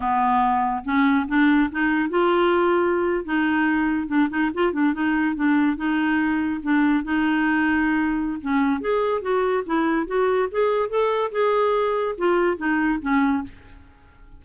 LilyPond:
\new Staff \with { instrumentName = "clarinet" } { \time 4/4 \tempo 4 = 143 b2 cis'4 d'4 | dis'4 f'2~ f'8. dis'16~ | dis'4.~ dis'16 d'8 dis'8 f'8 d'8 dis'16~ | dis'8. d'4 dis'2 d'16~ |
d'8. dis'2.~ dis'16 | cis'4 gis'4 fis'4 e'4 | fis'4 gis'4 a'4 gis'4~ | gis'4 f'4 dis'4 cis'4 | }